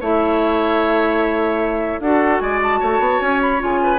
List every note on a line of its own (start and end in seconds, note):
0.00 1.99 A3
0.00 2.02 E4
0.00 2.00 C#5
0.00 2.01 E5
1.99 2.39 D4
1.99 3.59 F#4
1.99 2.42 A4
1.99 2.39 F#5
2.39 2.80 G#3
2.39 2.79 D5
2.39 2.59 G#5
2.63 3.21 A5
2.79 2.99 A3
2.79 3.79 C#5
2.99 3.19 B3
3.21 3.61 C#4
3.21 3.41 G#5
3.41 3.61 B5
3.59 3.98 C#3
3.59 3.98 F4
3.59 3.98 G#5
3.83 3.98 B4